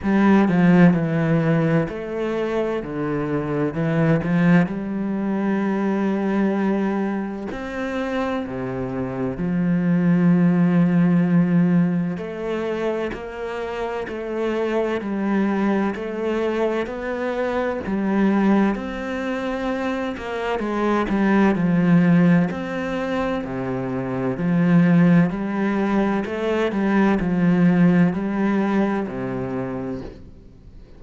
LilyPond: \new Staff \with { instrumentName = "cello" } { \time 4/4 \tempo 4 = 64 g8 f8 e4 a4 d4 | e8 f8 g2. | c'4 c4 f2~ | f4 a4 ais4 a4 |
g4 a4 b4 g4 | c'4. ais8 gis8 g8 f4 | c'4 c4 f4 g4 | a8 g8 f4 g4 c4 | }